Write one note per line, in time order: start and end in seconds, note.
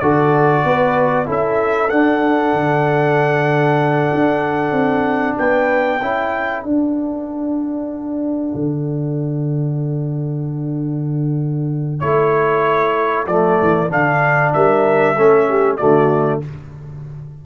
0.00 0.64 D3
0.00 1.26 F#4
0.00 0.65 A4
0.00 1.26 D5
0.64 1.27 B3
0.64 1.27 B4
1.26 1.91 C#4
1.26 1.89 E4
1.26 5.37 A4
1.26 1.90 E5
1.90 6.01 D4
1.90 2.53 D4
1.90 5.37 F#5
2.53 4.11 D3
4.15 4.72 D4
4.72 5.35 C4
5.38 6.01 B3
5.38 6.01 B4
5.38 6.64 G5
6.01 6.64 C#4
6.01 6.65 E4
6.01 14.53 A4
6.64 8.54 D4
6.64 12.01 D4
6.64 12.00 F#5
8.55 12.02 D3
12.00 13.27 A3
12.00 13.27 E4
12.00 13.26 C#5
13.27 13.58 F3
13.27 13.89 A3
13.27 13.90 D5
13.62 13.90 E3
13.89 14.53 D3
13.89 15.16 D4
13.89 14.54 F5
14.54 15.18 G3
14.54 15.17 A#4
14.54 15.77 E5
15.17 15.81 A3
15.17 15.79 C#4
15.17 15.48 A4
15.49 15.80 G4
15.77 16.46 D3
15.77 16.42 A3
15.77 16.43 F#4
15.77 16.40 D5